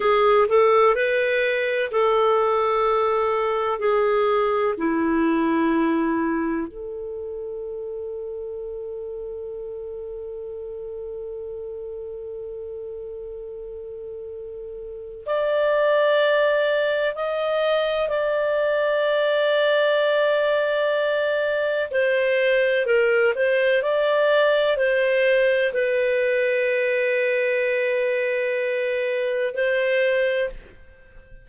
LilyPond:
\new Staff \with { instrumentName = "clarinet" } { \time 4/4 \tempo 4 = 63 gis'8 a'8 b'4 a'2 | gis'4 e'2 a'4~ | a'1~ | a'1 |
d''2 dis''4 d''4~ | d''2. c''4 | ais'8 c''8 d''4 c''4 b'4~ | b'2. c''4 | }